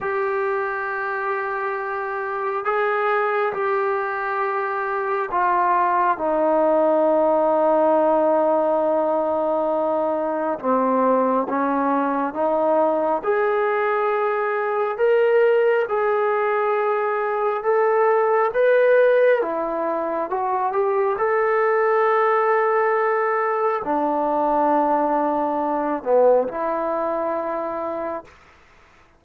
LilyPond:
\new Staff \with { instrumentName = "trombone" } { \time 4/4 \tempo 4 = 68 g'2. gis'4 | g'2 f'4 dis'4~ | dis'1 | c'4 cis'4 dis'4 gis'4~ |
gis'4 ais'4 gis'2 | a'4 b'4 e'4 fis'8 g'8 | a'2. d'4~ | d'4. b8 e'2 | }